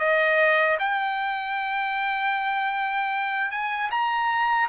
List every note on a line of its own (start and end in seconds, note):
0.00 0.78 D#5
0.79 3.51 G5
3.51 3.90 G#5
3.91 4.69 A#5